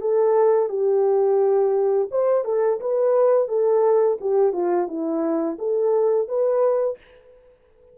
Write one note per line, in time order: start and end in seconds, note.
0.00 0.69 A4
0.69 2.08 G4
2.11 2.45 C5
2.45 2.79 A4
2.80 3.48 B4
3.48 4.18 A4
4.20 4.53 G4
4.53 4.87 F4
4.87 5.57 E4
5.58 6.28 A4
6.28 6.98 B4